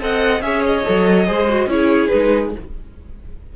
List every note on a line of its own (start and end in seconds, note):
0.00 0.41 C4
0.00 0.42 A4
0.00 0.44 D#5
0.00 0.42 F#5
0.41 0.83 C#4
0.41 0.85 G#4
0.41 1.27 C#5
0.41 0.63 E5
0.66 1.70 D#5
0.85 1.29 F#3
0.85 1.26 A4
1.26 1.67 G#3
1.26 1.47 G#4
1.26 1.69 C5
1.49 1.69 F#4
1.67 2.09 C#4
1.67 2.11 E4
1.67 2.56 G#4
1.67 2.08 C#5
2.08 2.56 G#3
2.08 2.54 D#4
2.08 2.50 B4